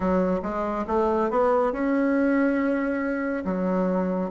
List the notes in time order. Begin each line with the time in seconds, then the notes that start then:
0.00 F#3
0.42 G#3
0.87 A3
1.30 B3
1.72 C#4
3.44 F#3